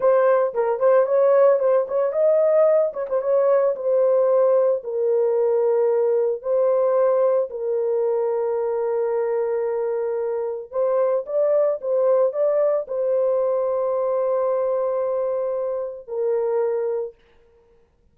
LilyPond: \new Staff \with { instrumentName = "horn" } { \time 4/4 \tempo 4 = 112 c''4 ais'8 c''8 cis''4 c''8 cis''8 | dis''4. cis''16 c''16 cis''4 c''4~ | c''4 ais'2. | c''2 ais'2~ |
ais'1 | c''4 d''4 c''4 d''4 | c''1~ | c''2 ais'2 | }